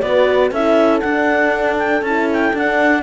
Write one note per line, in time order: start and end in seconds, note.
0.00 0.51 B3
0.00 0.54 F#4
0.00 0.51 B4
0.00 0.50 D5
0.51 1.01 C#4
0.51 1.03 E4
0.51 3.02 A4
0.51 1.00 E5
1.00 2.03 D4
1.00 2.01 D4
1.00 1.76 F#5
1.78 2.03 G5
2.01 2.52 C#4
2.01 2.55 E4
2.01 2.28 A5
2.32 2.57 G5
2.53 3.02 D4
2.53 3.02 F#5